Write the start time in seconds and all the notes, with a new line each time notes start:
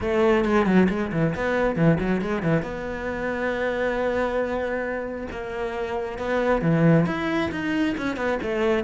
0.00 A3
0.45 G#3
0.65 F#3
0.89 G#3
1.12 E3
1.35 B3
1.75 E3
2.00 F#3
2.21 G#3
2.42 E3
2.62 B3
5.31 A#3
6.18 B3
6.61 E3
7.06 E4
7.51 D#4
7.97 C#4
8.16 B3
8.42 A3